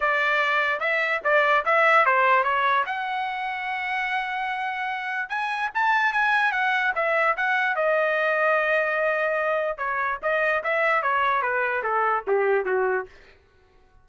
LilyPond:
\new Staff \with { instrumentName = "trumpet" } { \time 4/4 \tempo 4 = 147 d''2 e''4 d''4 | e''4 c''4 cis''4 fis''4~ | fis''1~ | fis''4 gis''4 a''4 gis''4 |
fis''4 e''4 fis''4 dis''4~ | dis''1 | cis''4 dis''4 e''4 cis''4 | b'4 a'4 g'4 fis'4 | }